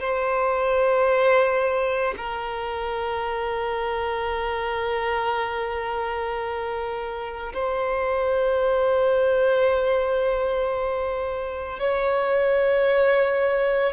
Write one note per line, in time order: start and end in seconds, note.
0.00 2.14 C5
2.17 7.53 A#4
7.53 11.79 C5
11.79 13.93 C#5